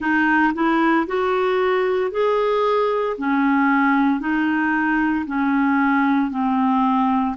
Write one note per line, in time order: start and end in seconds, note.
0.00 0.53 D#4
0.54 1.06 E4
1.06 2.11 F#4
2.11 3.16 G#4
3.17 4.20 C#4
4.20 5.25 D#4
5.26 6.30 C#4
6.30 7.35 C4